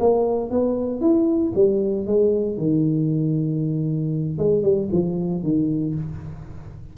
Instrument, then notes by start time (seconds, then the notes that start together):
tuba
0.00 A#3
0.51 B3
1.01 E4
1.55 G3
2.07 G#3
2.58 D#3
4.38 G#3
4.63 G3
4.92 F3
5.43 D#3